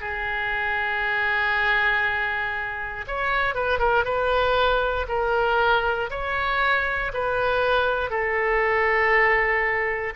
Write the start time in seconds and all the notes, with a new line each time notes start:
0.00 G#4
3.07 C#5
3.55 B4
3.79 A#4
4.04 B4
5.08 A#4
6.10 C#5
7.13 B4
8.10 A4